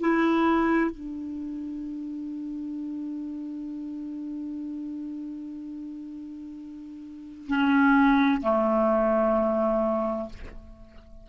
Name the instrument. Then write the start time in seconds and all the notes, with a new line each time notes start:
clarinet
0.00 E4
0.91 D4
7.47 C#4
8.42 A3